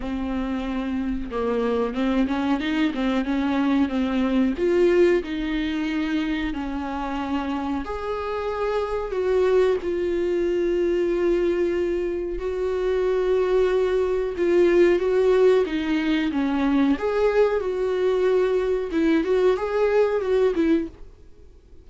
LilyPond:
\new Staff \with { instrumentName = "viola" } { \time 4/4 \tempo 4 = 92 c'2 ais4 c'8 cis'8 | dis'8 c'8 cis'4 c'4 f'4 | dis'2 cis'2 | gis'2 fis'4 f'4~ |
f'2. fis'4~ | fis'2 f'4 fis'4 | dis'4 cis'4 gis'4 fis'4~ | fis'4 e'8 fis'8 gis'4 fis'8 e'8 | }